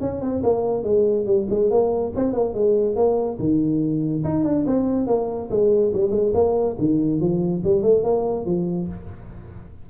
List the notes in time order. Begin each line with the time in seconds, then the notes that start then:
0.00 C#4
0.21 C4
0.43 A#3
0.83 G#3
1.26 G3
1.50 G#3
1.70 A#3
2.15 C4
2.33 A#3
2.54 G#3
2.95 A#3
3.39 D#3
4.23 D#4
4.44 D4
4.66 C4
5.07 A#3
5.50 G#3
5.93 G3
6.11 G#3
6.34 A#3
6.78 D#3
7.20 F3
7.64 G3
7.82 A3
8.03 A#3
8.45 F3